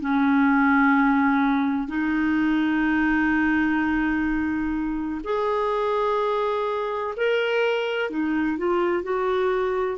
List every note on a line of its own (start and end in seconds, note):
0.00 1.87 C#4
1.87 5.21 D#4
5.24 7.14 G#4
7.16 8.10 A#4
8.10 8.57 D#4
8.58 9.02 F4
9.02 9.97 F#4